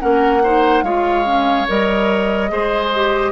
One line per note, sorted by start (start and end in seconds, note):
0.00 0.83 A#3
0.00 0.42 C#4
0.00 0.43 A#4
0.00 0.84 F#5
0.44 0.85 D#4
0.44 0.85 C5
0.83 1.66 G#3
0.83 1.25 F4
0.83 2.51 C#5
0.83 1.67 F5
1.25 1.67 C#4
1.68 2.51 G3
1.68 2.49 A#4
1.68 3.32 D#5
2.49 3.32 G#3
2.49 2.91 G#4
2.49 3.32 C5
2.95 3.32 G4